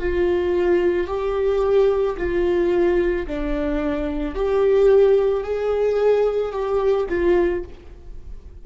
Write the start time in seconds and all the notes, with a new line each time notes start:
0.00 F4
1.08 G4
2.18 F4
3.27 D4
4.35 G4
5.44 G#4
6.53 G4
7.09 F4